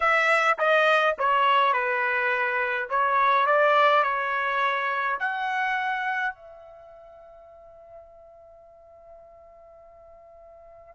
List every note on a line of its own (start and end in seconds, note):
0.00 0.57 E5
0.58 1.16 D#5
1.18 1.73 C#5
1.73 2.88 B4
2.89 3.46 C#5
3.46 4.03 D5
4.03 5.18 C#5
5.19 6.35 F#5
6.35 10.95 E5